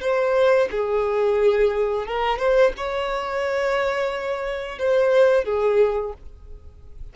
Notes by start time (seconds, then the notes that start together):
0.00 C5
0.71 G#4
2.06 A#4
2.38 C5
2.77 C#5
4.78 C5
5.44 G#4